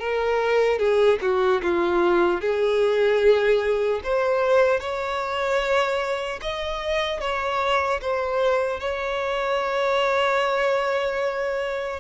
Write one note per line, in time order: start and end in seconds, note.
0.00 0.79 A#4
0.79 1.19 G#4
1.22 1.62 F#4
1.63 2.41 F4
2.41 4.01 G#4
4.04 4.80 C5
4.80 6.40 C#5
6.42 7.21 D#5
7.21 8.01 C#5
8.01 8.80 C5
8.80 12.00 C#5